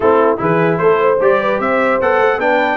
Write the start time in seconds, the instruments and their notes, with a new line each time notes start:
0.00 tuba A3, trombone C4, horn E4, trumpet A4
0.37 tuba E3, trombone E4, horn G#4, trumpet B4
0.77 tuba A3, horn A4, trumpet C5
1.01 horn C5
1.20 tuba G3, trombone G4, trumpet D5
1.40 horn B4
1.59 tuba C4, horn C5, trumpet E5
2.00 tuba B3, trombone A4, trumpet F#5
2.20 tuba A3
2.37 tuba B3, trombone D4, horn B4, trumpet G5